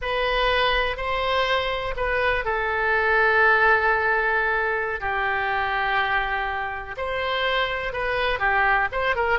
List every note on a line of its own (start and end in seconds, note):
0.01 0.96 B4
0.96 1.94 C5
1.96 2.44 B4
2.44 5.00 A4
5.00 6.95 G4
6.97 7.92 C5
7.92 8.39 B4
8.39 8.88 G4
8.92 9.15 C5
9.15 9.39 A#4